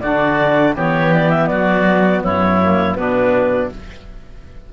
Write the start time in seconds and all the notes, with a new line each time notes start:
0.00 D3 D4 F#4 D5
0.75 E3 B3 G4 C#5
1.14 D5
1.30 E5
1.47 F#3 F#4 D5
2.23 F#2 E4 C#5
2.62 A#3
2.95 B2 B3 D4 B4